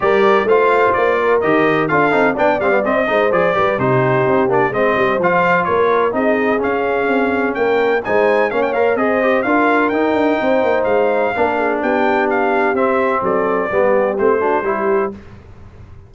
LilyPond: <<
  \new Staff \with { instrumentName = "trumpet" } { \time 4/4 \tempo 4 = 127 d''4 f''4 d''4 dis''4 | f''4 g''8 f''8 dis''4 d''4 | c''4. d''8 dis''4 f''4 | cis''4 dis''4 f''2 |
g''4 gis''4 f''16 g''16 f''8 dis''4 | f''4 g''2 f''4~ | f''4 g''4 f''4 e''4 | d''2 c''2 | }
  \new Staff \with { instrumentName = "horn" } { \time 4/4 ais'4 c''4. ais'4. | a'4 d''4. c''4 b'8 | g'2 c''2 | ais'4 gis'2. |
ais'4 c''4 cis''4 c''4 | ais'2 c''2 | ais'8 gis'8 g'2. | a'4 g'4. fis'8 g'4 | }
  \new Staff \with { instrumentName = "trombone" } { \time 4/4 g'4 f'2 g'4 | f'8 dis'8 d'8 c'16 b16 c'8 dis'8 gis'8 g'8 | dis'4. d'8 c'4 f'4~ | f'4 dis'4 cis'2~ |
cis'4 dis'4 cis'8 ais'8 gis'8 g'8 | f'4 dis'2. | d'2. c'4~ | c'4 b4 c'8 d'8 e'4 | }
  \new Staff \with { instrumentName = "tuba" } { \time 4/4 g4 a4 ais4 dis4 | d'8 c'8 b8 g8 c'8 gis8 f8 g8 | c4 c'8 ais8 gis8 g8 f4 | ais4 c'4 cis'4 c'4 |
ais4 gis4 ais4 c'4 | d'4 dis'8 d'8 c'8 ais8 gis4 | ais4 b2 c'4 | fis4 g4 a4 g4 | }
>>